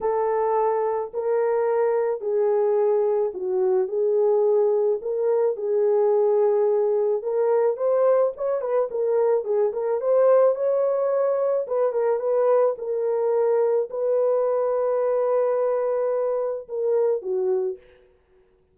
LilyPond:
\new Staff \with { instrumentName = "horn" } { \time 4/4 \tempo 4 = 108 a'2 ais'2 | gis'2 fis'4 gis'4~ | gis'4 ais'4 gis'2~ | gis'4 ais'4 c''4 cis''8 b'8 |
ais'4 gis'8 ais'8 c''4 cis''4~ | cis''4 b'8 ais'8 b'4 ais'4~ | ais'4 b'2.~ | b'2 ais'4 fis'4 | }